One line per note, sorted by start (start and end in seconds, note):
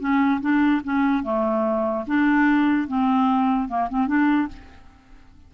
0.00 0.41 C#4
0.41 0.82 D4
0.85 1.24 C#4
1.24 2.06 A3
2.07 2.88 D4
2.88 3.69 C4
3.69 3.89 A#3
3.90 4.08 C4
4.08 4.49 D4